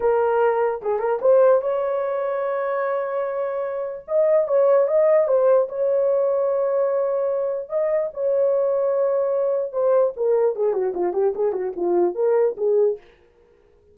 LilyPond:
\new Staff \with { instrumentName = "horn" } { \time 4/4 \tempo 4 = 148 ais'2 gis'8 ais'8 c''4 | cis''1~ | cis''2 dis''4 cis''4 | dis''4 c''4 cis''2~ |
cis''2. dis''4 | cis''1 | c''4 ais'4 gis'8 fis'8 f'8 g'8 | gis'8 fis'8 f'4 ais'4 gis'4 | }